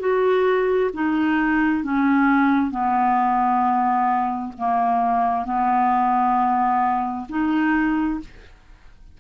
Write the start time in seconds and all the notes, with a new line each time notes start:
0.00 F#4
0.93 D#4
1.83 C#4
2.71 B3
4.58 A#3
5.45 B3
7.29 D#4